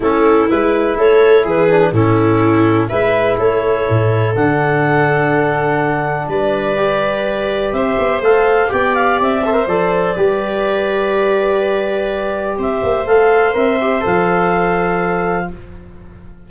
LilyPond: <<
  \new Staff \with { instrumentName = "clarinet" } { \time 4/4 \tempo 4 = 124 a'4 b'4 cis''4 b'4 | a'2 e''4 cis''4~ | cis''4 fis''2.~ | fis''4 d''2. |
e''4 f''4 g''8 f''8 e''4 | d''1~ | d''2 e''4 f''4 | e''4 f''2. | }
  \new Staff \with { instrumentName = "viola" } { \time 4/4 e'2 a'4 gis'4 | e'2 b'4 a'4~ | a'1~ | a'4 b'2. |
c''2 d''4. c''8~ | c''4 b'2.~ | b'2 c''2~ | c''1 | }
  \new Staff \with { instrumentName = "trombone" } { \time 4/4 cis'4 e'2~ e'8 d'8 | cis'2 e'2~ | e'4 d'2.~ | d'2 g'2~ |
g'4 a'4 g'4. a'16 ais'16 | a'4 g'2.~ | g'2. a'4 | ais'8 g'8 a'2. | }
  \new Staff \with { instrumentName = "tuba" } { \time 4/4 a4 gis4 a4 e4 | a,2 gis4 a4 | a,4 d2.~ | d4 g2. |
c'8 b8 a4 b4 c'4 | f4 g2.~ | g2 c'8 ais8 a4 | c'4 f2. | }
>>